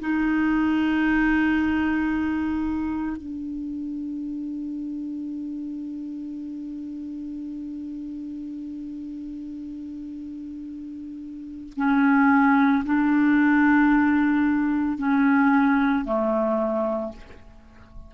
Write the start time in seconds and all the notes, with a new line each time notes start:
0.00 D#4
3.17 D4
11.76 C#4
12.85 D4
14.98 C#4
16.05 A3